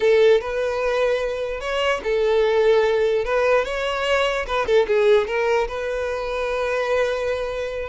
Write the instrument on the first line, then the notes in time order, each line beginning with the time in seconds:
violin
0.00 A4
0.40 B4
1.60 C#5
2.03 A4
3.25 B4
3.64 C#5
4.46 B4
4.66 A4
4.87 G#4
5.27 A#4
5.68 B4